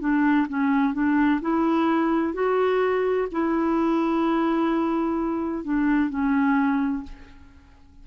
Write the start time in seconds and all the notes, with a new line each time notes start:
0.00 D4
0.48 C#4
0.94 D4
1.41 E4
2.34 F#4
3.32 E4
5.64 D4
6.09 C#4